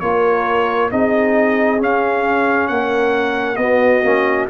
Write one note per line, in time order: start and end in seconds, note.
0.00 0.91 A#3
0.00 0.91 F4
0.00 0.91 A#4
0.00 0.90 C#5
0.91 1.81 C4
0.91 1.78 D#4
0.91 2.71 G#4
0.91 1.81 D#5
1.78 3.57 C#4
1.78 2.70 C#4
1.78 2.68 F5
2.68 3.57 A#3
2.68 3.60 A#4
2.68 3.56 F#5
3.56 4.02 B3
3.56 4.04 B3
3.56 4.49 F#4
3.56 4.46 D#5
4.03 4.48 A#3
4.03 4.48 C#4